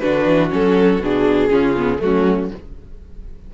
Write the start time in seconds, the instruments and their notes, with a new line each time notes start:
0.00 cello D3, viola D4, violin F#4 B4
0.27 cello E3
0.50 cello F#3, viola C#4, violin A4
0.99 cello B2, viola D4, violin G#4
1.50 cello C#3, viola C#4, violin F4
1.78 viola B3
1.99 cello F#3, viola A3, violin C#4 F#4